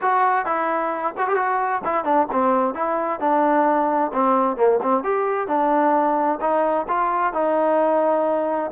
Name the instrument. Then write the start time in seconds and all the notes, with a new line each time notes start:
trombone
0.01 F#4
0.45 E4
1.17 F#4
1.27 G4
1.36 F#4
1.84 E4
2.04 D4
2.32 C4
2.74 E4
3.20 D4
4.13 C4
4.56 A#3
4.82 C4
5.03 G4
5.47 D4
6.40 D#4
6.87 F4
7.33 D#4